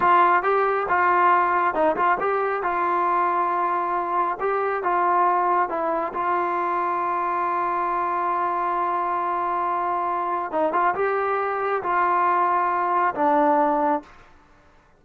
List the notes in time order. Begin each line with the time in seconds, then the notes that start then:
0.00 F4
0.42 G4
0.88 F4
1.74 D#4
1.96 F4
2.20 G4
2.62 F4
4.40 G4
4.83 F4
5.69 E4
6.13 F4
10.51 D#4
10.72 F4
10.94 G4
11.82 F4
13.14 D4